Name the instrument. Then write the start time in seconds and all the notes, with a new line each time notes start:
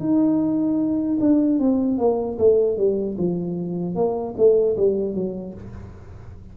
tuba
0.00 D#4
1.20 D4
1.59 C4
1.98 A#3
2.39 A3
2.77 G3
3.18 F3
3.95 A#3
4.37 A3
4.77 G3
5.15 F#3